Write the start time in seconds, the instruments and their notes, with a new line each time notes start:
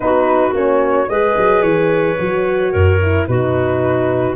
0.00 tuba B3, horn D#4, clarinet F#4, flute B4
0.53 tuba A#3, horn C#4, flute C#5
1.09 tuba G#3, horn G#4, clarinet B4, flute D#5
1.37 tuba F#3
1.62 tuba E3, flute C#5
2.19 tuba F#3, horn F#4
2.72 tuba F#2, clarinet A#4
3.01 horn E4
3.26 tuba B2, horn D#4, clarinet F#4, flute B4